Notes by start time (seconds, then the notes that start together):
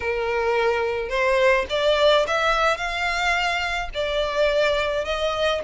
0.00 A#4
1.09 C5
1.69 D5
2.27 E5
2.77 F5
3.94 D5
5.05 D#5